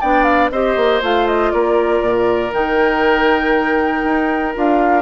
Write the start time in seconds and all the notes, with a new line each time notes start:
0.00 B3 D4 D5 G5
0.23 F5
0.50 C4 G4 C5 D#5
0.76 A#3
1.02 A3 F4 F5
1.27 D#5
1.51 A#3 A#4 D5
2.00 A#2
2.52 D#3 D#4 G5
4.03 D#4
4.54 D4 F4 F5